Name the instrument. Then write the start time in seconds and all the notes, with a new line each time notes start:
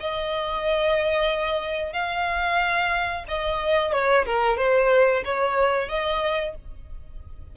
violin
0.00 D#5
1.93 F5
3.28 D#5
3.92 C#5
4.26 A#4
4.57 C5
5.25 C#5
5.89 D#5